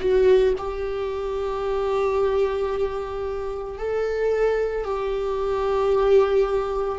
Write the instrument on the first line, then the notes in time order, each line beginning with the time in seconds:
viola
0.00 F#4
0.57 G4
3.78 A4
4.84 G4